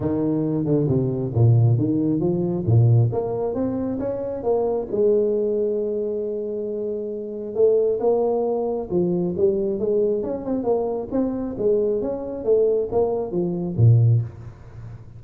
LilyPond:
\new Staff \with { instrumentName = "tuba" } { \time 4/4 \tempo 4 = 135 dis4. d8 c4 ais,4 | dis4 f4 ais,4 ais4 | c'4 cis'4 ais4 gis4~ | gis1~ |
gis4 a4 ais2 | f4 g4 gis4 cis'8 c'8 | ais4 c'4 gis4 cis'4 | a4 ais4 f4 ais,4 | }